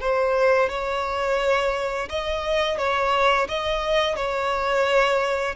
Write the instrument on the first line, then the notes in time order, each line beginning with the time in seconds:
violin
0.00 C5
0.69 C#5
2.09 D#5
2.77 C#5
3.48 D#5
4.15 C#5